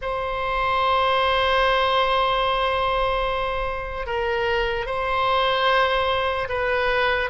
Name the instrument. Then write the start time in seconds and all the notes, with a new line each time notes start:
oboe
0.01 C5
4.06 A#4
4.85 C5
6.49 B4